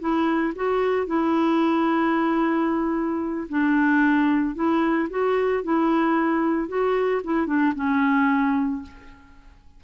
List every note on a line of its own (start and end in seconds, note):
0.00 0.54 E4
0.56 1.07 F#4
1.07 3.48 E4
3.49 4.55 D4
4.55 5.09 E4
5.10 5.64 F#4
5.64 6.69 E4
6.69 7.22 F#4
7.24 7.47 E4
7.47 7.74 D4
7.75 8.82 C#4